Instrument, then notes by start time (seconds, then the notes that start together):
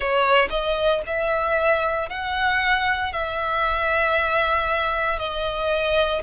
violin
0.00 C#5
0.50 D#5
1.06 E5
2.09 F#5
3.13 E5
5.18 D#5